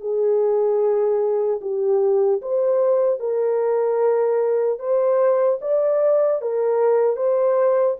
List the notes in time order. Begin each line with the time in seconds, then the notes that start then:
0.00 G#4
1.61 G4
2.41 C5
3.19 A#4
4.79 C5
5.61 D5
6.41 A#4
7.16 C5